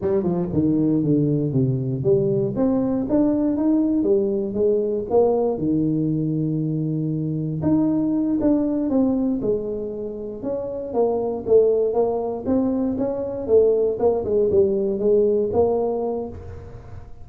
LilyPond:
\new Staff \with { instrumentName = "tuba" } { \time 4/4 \tempo 4 = 118 g8 f8 dis4 d4 c4 | g4 c'4 d'4 dis'4 | g4 gis4 ais4 dis4~ | dis2. dis'4~ |
dis'8 d'4 c'4 gis4.~ | gis8 cis'4 ais4 a4 ais8~ | ais8 c'4 cis'4 a4 ais8 | gis8 g4 gis4 ais4. | }